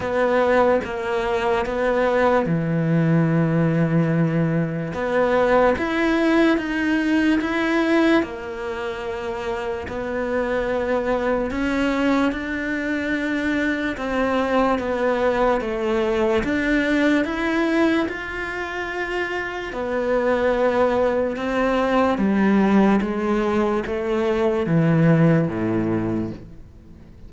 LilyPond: \new Staff \with { instrumentName = "cello" } { \time 4/4 \tempo 4 = 73 b4 ais4 b4 e4~ | e2 b4 e'4 | dis'4 e'4 ais2 | b2 cis'4 d'4~ |
d'4 c'4 b4 a4 | d'4 e'4 f'2 | b2 c'4 g4 | gis4 a4 e4 a,4 | }